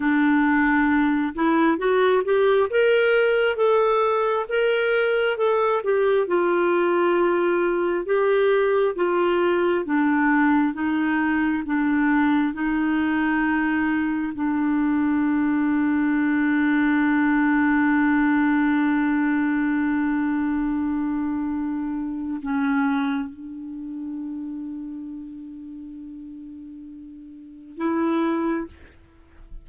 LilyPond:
\new Staff \with { instrumentName = "clarinet" } { \time 4/4 \tempo 4 = 67 d'4. e'8 fis'8 g'8 ais'4 | a'4 ais'4 a'8 g'8 f'4~ | f'4 g'4 f'4 d'4 | dis'4 d'4 dis'2 |
d'1~ | d'1~ | d'4 cis'4 d'2~ | d'2. e'4 | }